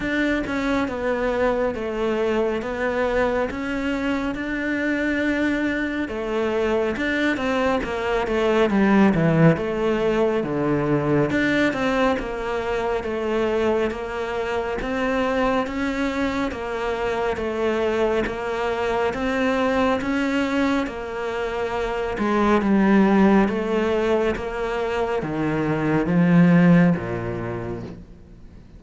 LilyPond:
\new Staff \with { instrumentName = "cello" } { \time 4/4 \tempo 4 = 69 d'8 cis'8 b4 a4 b4 | cis'4 d'2 a4 | d'8 c'8 ais8 a8 g8 e8 a4 | d4 d'8 c'8 ais4 a4 |
ais4 c'4 cis'4 ais4 | a4 ais4 c'4 cis'4 | ais4. gis8 g4 a4 | ais4 dis4 f4 ais,4 | }